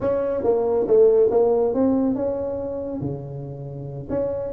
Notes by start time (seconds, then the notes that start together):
0.00 C#4
0.43 A#3
0.87 A3
1.30 A#3
1.73 C4
2.15 C#4
3.00 C#3
4.09 C#4